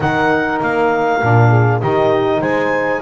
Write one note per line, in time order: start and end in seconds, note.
0.00 0.60 D#3
0.00 1.20 D#4
0.00 1.50 A#4
0.00 0.61 F#5
0.61 1.22 A#3
0.61 1.80 F5
1.21 1.82 A#2
1.21 1.80 D4
1.50 1.80 G#4
1.80 2.41 D#3
1.80 3.01 D#4
1.80 2.41 G4
1.80 2.41 D#5
2.41 3.01 G#3
2.41 3.01 C5
2.41 3.01 G#5